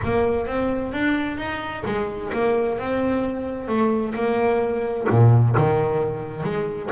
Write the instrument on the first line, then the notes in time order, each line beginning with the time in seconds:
double bass
0.03 A#3
0.47 C4
0.92 D4
1.37 D#4
1.85 G#3
2.33 A#3
2.78 C4
3.68 A3
4.14 A#3
5.10 A#2
5.57 D#3
6.43 G#3